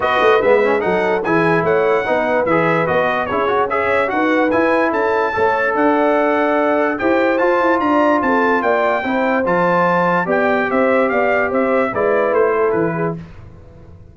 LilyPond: <<
  \new Staff \with { instrumentName = "trumpet" } { \time 4/4 \tempo 4 = 146 dis''4 e''4 fis''4 gis''4 | fis''2 e''4 dis''4 | cis''4 e''4 fis''4 gis''4 | a''2 fis''2~ |
fis''4 g''4 a''4 ais''4 | a''4 g''2 a''4~ | a''4 g''4 e''4 f''4 | e''4 d''4 c''4 b'4 | }
  \new Staff \with { instrumentName = "horn" } { \time 4/4 b'2 a'4 gis'4 | cis''4 b'2. | gis'4 cis''4 b'2 | a'4 cis''4 d''2~ |
d''4 c''2 d''4 | a'4 d''4 c''2~ | c''4 d''4 c''4 d''4 | c''4 b'4. a'4 gis'8 | }
  \new Staff \with { instrumentName = "trombone" } { \time 4/4 fis'4 b8 cis'8 dis'4 e'4~ | e'4 dis'4 gis'4 fis'4 | e'8 fis'8 gis'4 fis'4 e'4~ | e'4 a'2.~ |
a'4 g'4 f'2~ | f'2 e'4 f'4~ | f'4 g'2.~ | g'4 e'2. | }
  \new Staff \with { instrumentName = "tuba" } { \time 4/4 b8 a8 gis4 fis4 e4 | a4 b4 e4 b4 | cis'2 dis'4 e'4 | cis'4 a4 d'2~ |
d'4 e'4 f'8 e'8 d'4 | c'4 ais4 c'4 f4~ | f4 b4 c'4 b4 | c'4 gis4 a4 e4 | }
>>